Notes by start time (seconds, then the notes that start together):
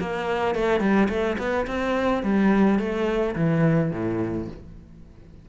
0.00 A#3
0.55 A3
0.80 G3
1.09 A3
1.38 B3
1.67 C4
2.23 G3
2.79 A3
3.36 E3
3.92 A2